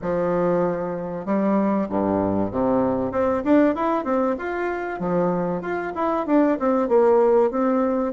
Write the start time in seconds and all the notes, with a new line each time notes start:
0.01 F3
1.25 G3
1.89 G2
2.51 C3
3.11 C4
3.44 D4
3.75 E4
4.04 C4
4.38 F4
4.99 F3
5.61 F4
5.95 E4
6.26 D4
6.59 C4
6.88 A#3
7.51 C4